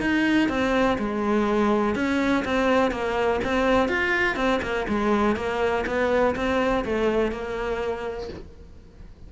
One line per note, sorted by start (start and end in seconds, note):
0.00 0.49 D#4
0.49 0.98 C4
0.98 1.95 G#3
1.95 2.44 C#4
2.45 2.91 C4
2.91 3.40 A#3
3.44 3.88 C4
3.88 4.36 F4
4.36 4.60 C4
4.62 4.86 A#3
4.88 5.36 G#3
5.36 5.84 A#3
5.86 6.35 B3
6.35 6.84 C4
6.85 7.31 A3
7.31 8.29 A#3